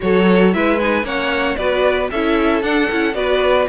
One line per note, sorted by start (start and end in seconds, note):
0.00 0.54 F#3
0.00 0.53 F#4
0.00 0.54 A4
0.00 0.53 C#5
0.53 1.03 G#3
0.53 0.79 E4
0.53 1.05 B4
0.53 0.78 E5
0.78 1.03 D#4
0.78 1.05 G#5
1.03 1.56 A#3
1.03 1.56 C#4
1.03 1.57 C#5
1.03 1.55 F#5
1.55 2.10 B3
1.55 2.11 F#4
1.55 2.10 B4
1.55 2.08 D5
2.11 2.62 C#4
2.11 2.62 E4
2.11 3.16 A4
2.11 2.62 E5
2.62 2.89 D4
2.62 3.14 F#5
2.91 3.14 C#4
2.91 3.14 E4
3.14 3.67 B3
3.14 3.66 F#4
3.14 3.68 B4
3.14 3.67 D5